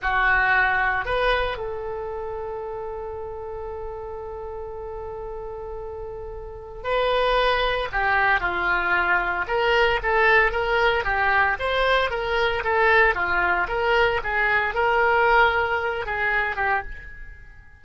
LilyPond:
\new Staff \with { instrumentName = "oboe" } { \time 4/4 \tempo 4 = 114 fis'2 b'4 a'4~ | a'1~ | a'1~ | a'4 b'2 g'4 |
f'2 ais'4 a'4 | ais'4 g'4 c''4 ais'4 | a'4 f'4 ais'4 gis'4 | ais'2~ ais'8 gis'4 g'8 | }